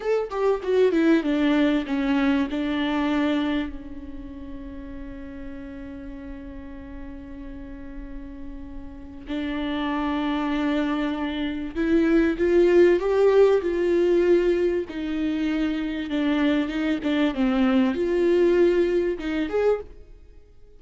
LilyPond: \new Staff \with { instrumentName = "viola" } { \time 4/4 \tempo 4 = 97 a'8 g'8 fis'8 e'8 d'4 cis'4 | d'2 cis'2~ | cis'1~ | cis'2. d'4~ |
d'2. e'4 | f'4 g'4 f'2 | dis'2 d'4 dis'8 d'8 | c'4 f'2 dis'8 gis'8 | }